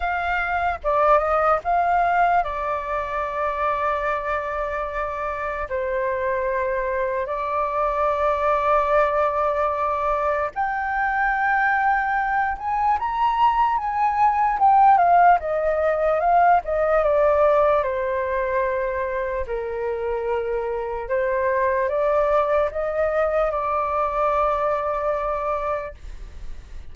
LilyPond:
\new Staff \with { instrumentName = "flute" } { \time 4/4 \tempo 4 = 74 f''4 d''8 dis''8 f''4 d''4~ | d''2. c''4~ | c''4 d''2.~ | d''4 g''2~ g''8 gis''8 |
ais''4 gis''4 g''8 f''8 dis''4 | f''8 dis''8 d''4 c''2 | ais'2 c''4 d''4 | dis''4 d''2. | }